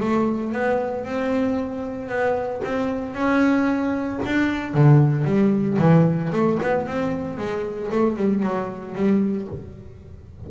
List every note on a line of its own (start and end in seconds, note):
0.00 0.53 A3
0.53 1.05 B3
1.05 2.09 C4
2.09 2.62 B3
2.64 3.15 C4
3.15 4.20 C#4
4.26 4.74 D4
4.74 5.25 D3
5.25 5.78 G3
5.79 6.31 E3
6.33 6.59 A3
6.62 6.87 B3
6.87 7.38 C4
7.38 7.90 G#3
7.91 8.17 A3
8.17 8.43 G3
8.43 8.95 F#3
8.95 9.48 G3